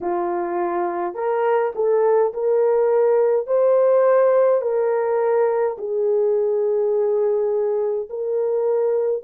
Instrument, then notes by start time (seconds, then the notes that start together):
horn
0.00 F4
1.14 A#4
1.75 A4
2.33 A#4
3.46 C5
4.61 A#4
5.77 G#4
8.09 A#4